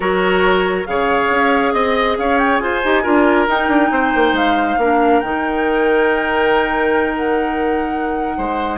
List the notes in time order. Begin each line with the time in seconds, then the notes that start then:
0.00 F#3 F#4 A#4 C#5
0.86 C#3 G#4 C#5 F5
1.30 C#4
1.73 C4 D#5
2.18 C#4 C#5 F5
2.38 G5
2.58 F4 C5 G#5
2.83 D#4 G4
3.02 D4 F4 A#4
3.47 D#4 G5
3.68 D4
3.91 C4 C5
4.15 A#3
4.32 G#3 F5
4.77 A#3 D4 A#4
5.20 D#3 D#4 G5
7.16 F#5
8.37 G#3 C5